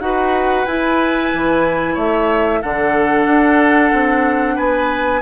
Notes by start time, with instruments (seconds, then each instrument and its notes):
0.00 bassoon D#4, clarinet F#4, oboe B4, flute F#5
0.65 bassoon E4, clarinet E4, flute G#5
1.33 bassoon E3
1.94 bassoon A3, oboe C#5, flute E5
2.62 bassoon D3, clarinet D4, oboe A4, flute F#5
3.26 bassoon D4
3.93 bassoon C4
4.55 bassoon B3, oboe B4, flute G#5